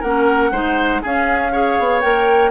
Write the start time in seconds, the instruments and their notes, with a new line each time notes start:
0.00 bassoon A#3, clarinet C#4, oboe A#4, flute F#5
0.51 bassoon G#3, clarinet D#4, oboe C5
1.02 clarinet C#4, bassoon C#4, oboe G#4, flute F5
1.52 clarinet G#4, oboe C#5
1.79 bassoon B3
2.01 bassoon A#3, clarinet A#4, flute G5